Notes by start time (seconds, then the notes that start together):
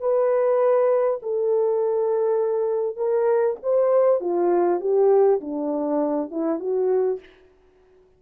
0.00 B4
1.22 A4
2.96 A#4
3.63 C5
4.20 F4
4.80 G4
5.41 D4
6.31 E4
6.59 F#4